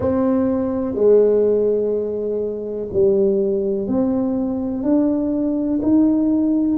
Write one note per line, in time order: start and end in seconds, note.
0.00 0.95 C4
0.95 2.88 G#3
2.93 3.87 G3
3.87 4.83 C4
4.83 5.79 D4
5.82 6.77 D#4